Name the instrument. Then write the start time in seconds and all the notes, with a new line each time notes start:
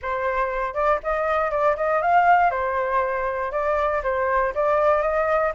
flute
0.02 C5
0.74 D5
1.03 D#5
1.51 D5
1.76 D#5
2.01 F5
2.50 C5
3.51 D5
4.03 C5
4.54 D5
5.01 D#5